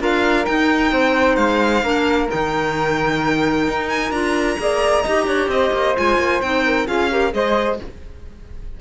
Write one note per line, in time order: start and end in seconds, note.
0.00 0.47 D4
0.00 0.46 F4
0.00 0.93 A#4
0.00 0.46 F5
0.46 1.83 D#4
0.46 0.92 D#4
0.46 1.36 G5
0.92 1.38 C4
0.92 1.84 C5
1.36 1.83 G#3
1.36 2.28 F5
1.83 2.29 A#3
1.83 2.29 D4
1.83 4.59 A#4
2.29 3.68 D#3
2.29 4.12 D#4
2.29 3.90 G5
3.68 4.11 D#4
3.90 4.12 G#5
4.11 4.57 D4
4.11 4.58 F4
4.11 5.49 A#5
4.58 5.05 A#3
4.58 5.04 G#4
4.58 5.03 D5
5.03 5.27 D#4
5.03 5.96 G4
5.03 5.26 D#5
5.27 5.48 D4
5.27 5.50 C#5
5.48 5.71 C4
5.48 5.97 D#5
5.55 6.66 C5
5.73 5.96 A#3
5.96 6.19 G#3
5.96 6.42 F4
5.96 6.42 G#5
6.19 6.41 A#3
6.42 6.88 C4
6.42 6.87 D#4
6.42 6.88 G5
6.66 6.87 A#4
6.87 7.34 C#4
6.87 7.10 F4
6.87 7.10 G#4
6.87 7.34 F5
7.11 7.31 G4
7.11 7.35 A#4
7.31 7.80 G#3
7.31 7.77 G#4
7.31 7.81 C5
7.31 7.80 D#5